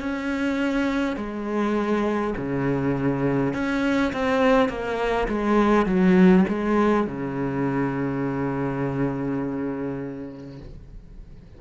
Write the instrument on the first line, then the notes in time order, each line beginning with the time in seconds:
cello
0.00 C#4
1.16 G#3
2.36 C#3
3.53 C#4
4.12 C4
4.68 A#3
5.28 G#3
5.86 F#3
6.48 G#3
7.06 C#3